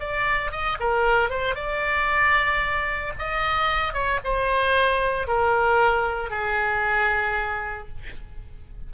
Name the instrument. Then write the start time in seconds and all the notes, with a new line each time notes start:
oboe
0.00 D5
0.52 D#5
0.80 A#4
1.30 C5
1.55 D5
3.19 D#5
3.94 C#5
4.24 C5
5.28 A#4
6.31 G#4